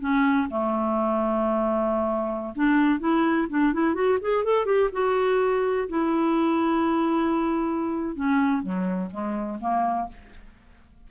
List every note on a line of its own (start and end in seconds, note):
0.00 0.48 C#4
0.50 2.54 A3
2.55 3.00 D4
3.00 3.48 E4
3.49 3.73 D4
3.73 3.94 E4
3.94 4.18 F#4
4.21 4.44 G#4
4.44 4.66 A4
4.66 4.90 G4
4.92 5.88 F#4
5.88 8.15 E4
8.15 8.62 C#4
8.62 9.10 F#3
9.10 9.58 G#3
9.60 10.08 A#3